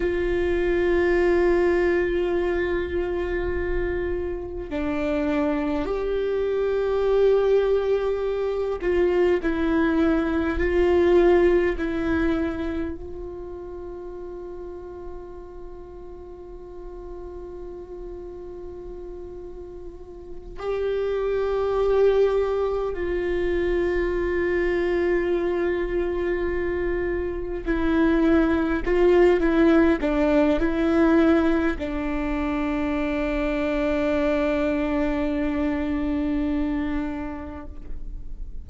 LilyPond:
\new Staff \with { instrumentName = "viola" } { \time 4/4 \tempo 4 = 51 f'1 | d'4 g'2~ g'8 f'8 | e'4 f'4 e'4 f'4~ | f'1~ |
f'4. g'2 f'8~ | f'2.~ f'8 e'8~ | e'8 f'8 e'8 d'8 e'4 d'4~ | d'1 | }